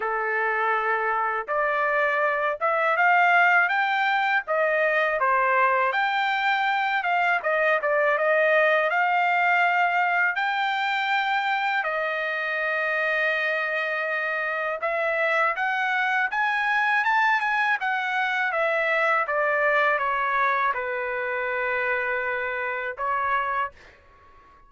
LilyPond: \new Staff \with { instrumentName = "trumpet" } { \time 4/4 \tempo 4 = 81 a'2 d''4. e''8 | f''4 g''4 dis''4 c''4 | g''4. f''8 dis''8 d''8 dis''4 | f''2 g''2 |
dis''1 | e''4 fis''4 gis''4 a''8 gis''8 | fis''4 e''4 d''4 cis''4 | b'2. cis''4 | }